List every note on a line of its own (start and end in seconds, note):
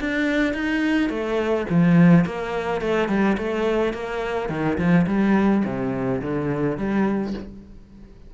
0.00 0.54 D4
0.54 1.10 D#4
1.10 1.66 A3
1.70 2.25 F3
2.25 2.81 A#3
2.81 3.08 A3
3.08 3.37 G3
3.38 3.93 A3
3.93 4.49 A#3
4.49 4.78 D#3
4.78 5.06 F3
5.07 5.64 G3
5.65 6.21 C3
6.22 6.77 D3
6.77 7.34 G3